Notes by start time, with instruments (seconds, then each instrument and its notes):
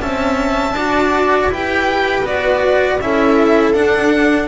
0.00 double bass C4, cello C#4, viola E5, violin A5
0.71 double bass D4, viola D5
0.77 cello F#4
1.47 double bass E4, cello G4, viola B4, violin G5
2.23 double bass B3, cello F#4, violin D5
3.01 double bass C#4, cello E4, viola A4, violin E5
3.73 cello D4, double bass D4, violin F#5